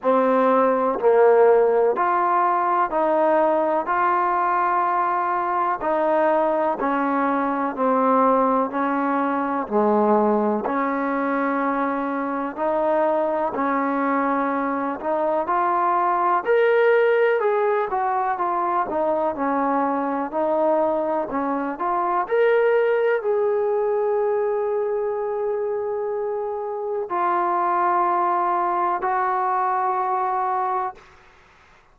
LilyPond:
\new Staff \with { instrumentName = "trombone" } { \time 4/4 \tempo 4 = 62 c'4 ais4 f'4 dis'4 | f'2 dis'4 cis'4 | c'4 cis'4 gis4 cis'4~ | cis'4 dis'4 cis'4. dis'8 |
f'4 ais'4 gis'8 fis'8 f'8 dis'8 | cis'4 dis'4 cis'8 f'8 ais'4 | gis'1 | f'2 fis'2 | }